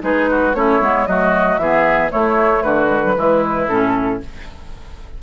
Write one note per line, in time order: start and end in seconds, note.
0.00 0.54 G#3
0.00 0.52 D#4
0.00 0.29 G#4
0.00 0.54 B4
0.30 0.56 F#4
0.54 0.80 A3
0.54 0.80 C#4
0.54 1.08 E4
0.54 1.06 C#5
0.80 1.06 G#3
0.80 1.06 B3
1.06 1.58 F#3
1.06 1.60 A3
1.06 1.60 F#4
1.06 1.57 D#5
1.57 2.10 E3
1.57 2.10 B3
1.57 2.11 G#4
1.57 2.10 E5
2.10 2.86 A3
2.10 2.63 A3
2.10 2.63 E4
2.10 2.62 C#5
2.62 3.15 D3
2.62 3.15 F#4
2.62 3.66 B4
2.86 2.99 G#3
3.03 3.16 F#3
3.16 3.68 E3
3.16 3.68 G#3
3.16 4.22 E4
3.68 4.20 A2
3.68 4.20 C#4
3.68 4.20 A4